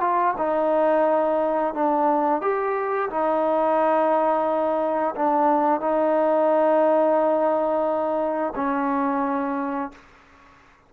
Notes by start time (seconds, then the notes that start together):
0.00 F4
0.37 D#4
1.74 D4
2.41 G4
3.10 D#4
5.15 D4
5.80 D#4
8.55 C#4